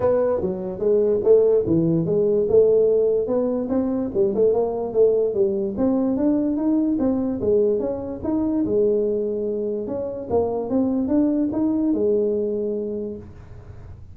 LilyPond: \new Staff \with { instrumentName = "tuba" } { \time 4/4 \tempo 4 = 146 b4 fis4 gis4 a4 | e4 gis4 a2 | b4 c'4 g8 a8 ais4 | a4 g4 c'4 d'4 |
dis'4 c'4 gis4 cis'4 | dis'4 gis2. | cis'4 ais4 c'4 d'4 | dis'4 gis2. | }